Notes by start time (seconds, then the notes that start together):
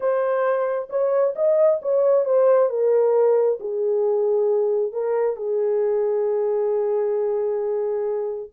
0.00 C5
0.89 C#5
1.35 D#5
1.82 C#5
2.25 C5
2.69 A#4
3.60 G#4
4.92 A#4
5.36 G#4